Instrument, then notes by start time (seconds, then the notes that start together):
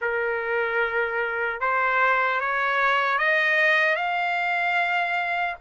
trumpet
0.01 A#4
1.60 C5
2.40 C#5
3.18 D#5
3.95 F5